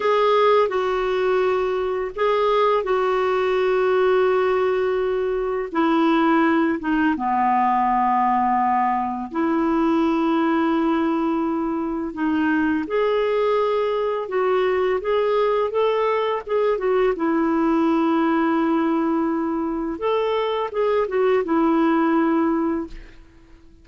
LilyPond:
\new Staff \with { instrumentName = "clarinet" } { \time 4/4 \tempo 4 = 84 gis'4 fis'2 gis'4 | fis'1 | e'4. dis'8 b2~ | b4 e'2.~ |
e'4 dis'4 gis'2 | fis'4 gis'4 a'4 gis'8 fis'8 | e'1 | a'4 gis'8 fis'8 e'2 | }